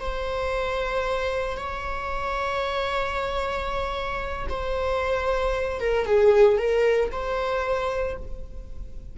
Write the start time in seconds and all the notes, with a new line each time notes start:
0.00 C5
1.57 C#5
4.49 C5
5.80 A#4
6.05 G#4
6.57 A#4
7.11 C5